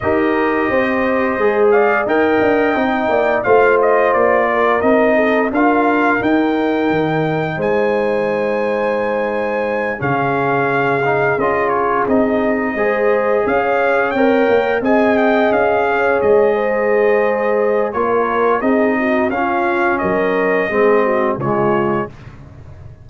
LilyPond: <<
  \new Staff \with { instrumentName = "trumpet" } { \time 4/4 \tempo 4 = 87 dis''2~ dis''8 f''8 g''4~ | g''4 f''8 dis''8 d''4 dis''4 | f''4 g''2 gis''4~ | gis''2~ gis''8 f''4.~ |
f''8 dis''8 cis''8 dis''2 f''8~ | f''8 g''4 gis''8 g''8 f''4 dis''8~ | dis''2 cis''4 dis''4 | f''4 dis''2 cis''4 | }
  \new Staff \with { instrumentName = "horn" } { \time 4/4 ais'4 c''4. d''8 dis''4~ | dis''8 d''8 c''4. ais'4 a'8 | ais'2. c''4~ | c''2~ c''8 gis'4.~ |
gis'2~ gis'8 c''4 cis''8~ | cis''4. dis''4. cis''4 | c''2 ais'4 gis'8 fis'8 | f'4 ais'4 gis'8 fis'8 f'4 | }
  \new Staff \with { instrumentName = "trombone" } { \time 4/4 g'2 gis'4 ais'4 | dis'4 f'2 dis'4 | f'4 dis'2.~ | dis'2~ dis'8 cis'4. |
dis'8 f'4 dis'4 gis'4.~ | gis'8 ais'4 gis'2~ gis'8~ | gis'2 f'4 dis'4 | cis'2 c'4 gis4 | }
  \new Staff \with { instrumentName = "tuba" } { \time 4/4 dis'4 c'4 gis4 dis'8 d'8 | c'8 ais8 a4 ais4 c'4 | d'4 dis'4 dis4 gis4~ | gis2~ gis8 cis4.~ |
cis8 cis'4 c'4 gis4 cis'8~ | cis'8 c'8 ais8 c'4 cis'4 gis8~ | gis2 ais4 c'4 | cis'4 fis4 gis4 cis4 | }
>>